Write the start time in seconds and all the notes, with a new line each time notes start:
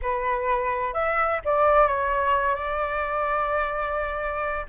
0.02 B4
0.93 E5
1.44 D5
1.87 C#5
2.55 D5